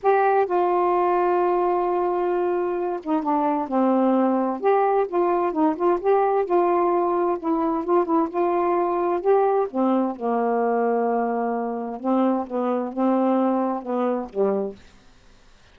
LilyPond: \new Staff \with { instrumentName = "saxophone" } { \time 4/4 \tempo 4 = 130 g'4 f'2.~ | f'2~ f'8 dis'8 d'4 | c'2 g'4 f'4 | dis'8 f'8 g'4 f'2 |
e'4 f'8 e'8 f'2 | g'4 c'4 ais2~ | ais2 c'4 b4 | c'2 b4 g4 | }